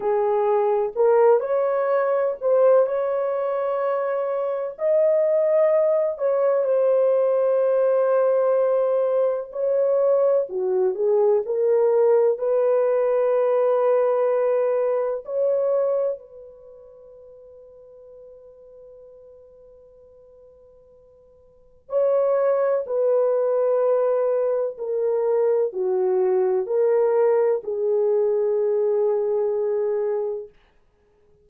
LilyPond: \new Staff \with { instrumentName = "horn" } { \time 4/4 \tempo 4 = 63 gis'4 ais'8 cis''4 c''8 cis''4~ | cis''4 dis''4. cis''8 c''4~ | c''2 cis''4 fis'8 gis'8 | ais'4 b'2. |
cis''4 b'2.~ | b'2. cis''4 | b'2 ais'4 fis'4 | ais'4 gis'2. | }